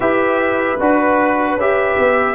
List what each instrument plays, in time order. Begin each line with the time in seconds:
0.00 tuba E4, trombone G4, horn B4, trumpet E5
0.79 tuba D4, trombone F#4, trumpet B4
1.55 tuba C#4, trombone G4, trumpet E5
1.98 tuba B3